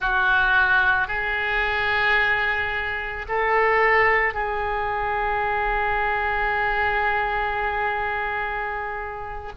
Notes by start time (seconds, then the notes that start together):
0.00 F#4
1.07 G#4
3.28 A4
4.33 G#4